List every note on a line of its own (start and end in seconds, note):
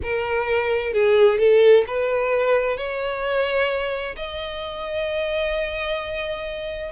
0.02 0.93 A#4
0.93 1.38 G#4
1.38 1.84 A4
1.87 2.77 B4
2.77 4.15 C#5
4.16 6.91 D#5